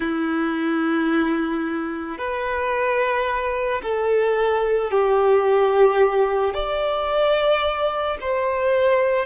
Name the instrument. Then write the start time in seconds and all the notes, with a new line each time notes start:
violin
0.00 E4
2.18 B4
3.82 A4
4.91 G4
6.54 D5
8.21 C5